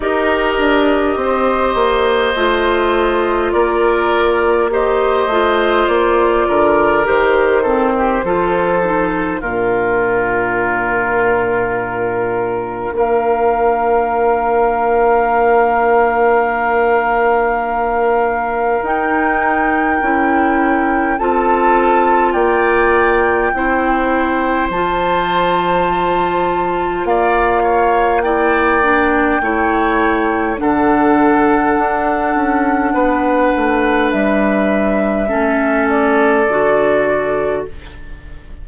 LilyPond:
<<
  \new Staff \with { instrumentName = "flute" } { \time 4/4 \tempo 4 = 51 dis''2. d''4 | dis''4 d''4 c''2 | ais'2. f''4~ | f''1 |
g''2 a''4 g''4~ | g''4 a''2 f''4 | g''2 fis''2~ | fis''4 e''4. d''4. | }
  \new Staff \with { instrumentName = "oboe" } { \time 4/4 ais'4 c''2 ais'4 | c''4. ais'4 a'16 g'16 a'4 | f'2. ais'4~ | ais'1~ |
ais'2 a'4 d''4 | c''2. d''8 cis''8 | d''4 cis''4 a'2 | b'2 a'2 | }
  \new Staff \with { instrumentName = "clarinet" } { \time 4/4 g'2 f'2 | g'8 f'4. g'8 c'8 f'8 dis'8 | d'1~ | d'1 |
dis'4 e'4 f'2 | e'4 f'2. | e'8 d'8 e'4 d'2~ | d'2 cis'4 fis'4 | }
  \new Staff \with { instrumentName = "bassoon" } { \time 4/4 dis'8 d'8 c'8 ais8 a4 ais4~ | ais8 a8 ais8 d8 dis4 f4 | ais,2. ais4~ | ais1 |
dis'4 cis'4 c'4 ais4 | c'4 f2 ais4~ | ais4 a4 d4 d'8 cis'8 | b8 a8 g4 a4 d4 | }
>>